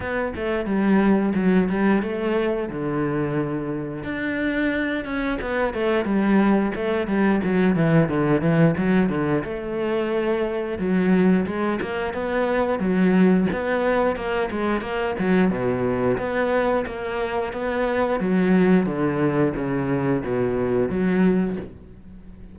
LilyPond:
\new Staff \with { instrumentName = "cello" } { \time 4/4 \tempo 4 = 89 b8 a8 g4 fis8 g8 a4 | d2 d'4. cis'8 | b8 a8 g4 a8 g8 fis8 e8 | d8 e8 fis8 d8 a2 |
fis4 gis8 ais8 b4 fis4 | b4 ais8 gis8 ais8 fis8 b,4 | b4 ais4 b4 fis4 | d4 cis4 b,4 fis4 | }